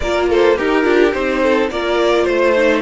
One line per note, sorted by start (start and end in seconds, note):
0.00 0.58 A#3
0.00 0.56 F4
0.00 0.29 A#4
0.00 0.26 D5
0.29 0.57 A4
0.29 0.58 C5
0.56 0.84 D#4
0.56 0.82 G4
0.56 1.42 G4
0.56 1.13 A#4
0.82 1.13 D4
0.82 1.10 F4
1.13 1.70 C4
1.13 1.70 D#4
1.13 1.69 C5
1.42 1.71 A4
1.70 2.26 A#3
1.70 2.56 F4
1.70 2.24 A#4
1.70 2.26 D5
2.24 2.81 A3
2.24 2.80 C5
2.24 2.81 C5
2.56 2.81 D#4